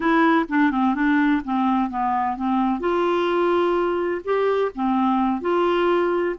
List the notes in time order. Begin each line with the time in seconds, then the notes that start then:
0.00 E4
0.49 D4
0.71 C4
0.94 D4
1.44 C4
1.89 B3
2.36 C4
2.80 F4
4.24 G4
4.75 C4
5.41 F4